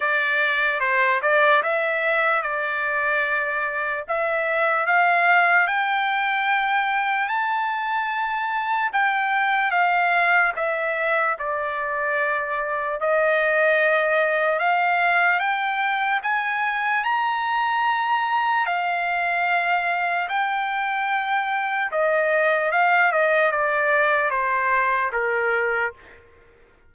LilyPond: \new Staff \with { instrumentName = "trumpet" } { \time 4/4 \tempo 4 = 74 d''4 c''8 d''8 e''4 d''4~ | d''4 e''4 f''4 g''4~ | g''4 a''2 g''4 | f''4 e''4 d''2 |
dis''2 f''4 g''4 | gis''4 ais''2 f''4~ | f''4 g''2 dis''4 | f''8 dis''8 d''4 c''4 ais'4 | }